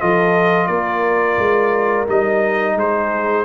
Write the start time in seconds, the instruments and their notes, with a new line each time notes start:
0.00 tuba F3, trombone F4, horn A4, trumpet D#5
0.67 tuba A#3, horn A#4, trumpet D5
1.38 tuba G#3
2.07 tuba G3, trombone D#4, trumpet D#5
2.75 tuba G#3, horn G#4, trumpet C5